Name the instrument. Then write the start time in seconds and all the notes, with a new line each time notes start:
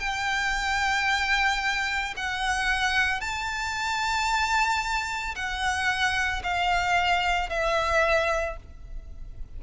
violin
0.00 G5
2.17 F#5
3.21 A5
5.35 F#5
6.43 F5
7.50 E5